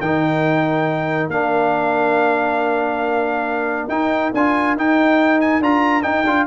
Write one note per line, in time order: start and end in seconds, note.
0.00 1.28 D#3
0.00 1.31 D#4
0.00 6.47 A#4
0.00 1.30 G5
1.28 3.87 A#3
1.28 3.90 D4
1.28 3.89 F5
3.88 4.32 D#4
3.88 4.33 D#4
3.88 4.32 G5
4.34 4.76 D4
4.34 4.78 F4
4.34 4.78 G#5
4.76 5.61 D#4
4.76 5.62 D#4
4.76 5.41 G5
5.41 5.62 G#5
5.61 6.04 D4
5.61 6.03 F4
5.61 6.03 A#5
6.03 6.24 D#4
6.03 6.26 D#4
6.03 6.46 G5
6.26 6.47 D4
6.26 6.47 F4